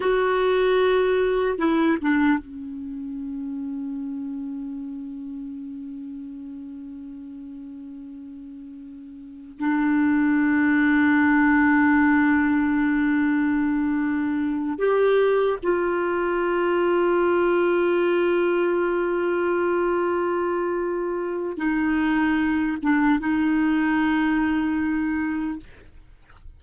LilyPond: \new Staff \with { instrumentName = "clarinet" } { \time 4/4 \tempo 4 = 75 fis'2 e'8 d'8 cis'4~ | cis'1~ | cis'1 | d'1~ |
d'2~ d'8 g'4 f'8~ | f'1~ | f'2. dis'4~ | dis'8 d'8 dis'2. | }